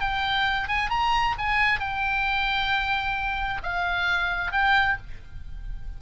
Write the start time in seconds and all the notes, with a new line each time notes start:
0.00 G5
0.68 G#5
0.90 A#5
1.38 G#5
1.80 G5
3.63 F5
4.52 G5